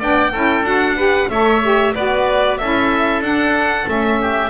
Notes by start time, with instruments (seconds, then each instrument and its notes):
0.00 double bass B3, saxophone D4, oboe D5, violin G5
0.32 double bass C#4, saxophone E4, oboe A4
0.62 double bass D4, saxophone F#4, violin F#5
0.97 saxophone G4, oboe B4
1.30 double bass A3, saxophone A4, oboe C#5, violin E5
1.63 saxophone G4
1.95 double bass B3, saxophone F#4, oboe B4, violin D5
2.58 double bass C#4, saxophone E4, oboe A4, violin E5
3.21 double bass D4, saxophone D4, violin F#5
3.86 double bass A3, saxophone C#4, violin E5
4.21 oboe G4